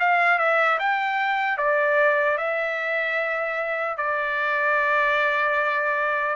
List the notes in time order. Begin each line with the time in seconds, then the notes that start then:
0.00 F5
0.39 E5
0.80 G5
1.58 D5
2.38 E5
3.97 D5